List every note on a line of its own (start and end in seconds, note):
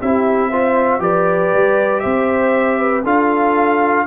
0.00 0.99 C4
0.00 0.52 E4
0.00 0.49 G4
0.00 1.02 E5
0.49 0.99 F4
0.49 1.00 C5
0.99 1.50 F3
0.99 3.03 G4
0.99 2.03 B4
0.99 2.00 D5
1.53 2.04 G3
2.00 3.04 C4
2.00 2.79 C5
2.00 3.01 E5
2.79 3.04 B4
3.04 4.06 D4
3.04 4.06 F4
3.04 4.06 A4
3.04 4.06 F5